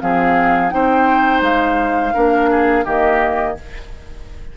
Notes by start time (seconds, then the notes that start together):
0.00 F3 C4 G#4 F5
0.70 C4 D#4 C5 G5
1.41 G#3 F5
2.14 A#3 D4 A#4
2.51 G#4
2.85 D#3 A#3 G4 D#5